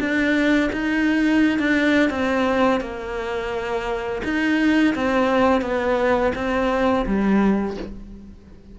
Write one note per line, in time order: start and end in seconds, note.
0.00 0.71 D4
0.73 1.59 D#4
1.59 2.10 D4
2.10 2.81 C4
2.81 4.22 A#3
4.24 4.95 D#4
4.95 5.62 C4
5.62 6.32 B3
6.35 7.06 C4
7.07 7.77 G3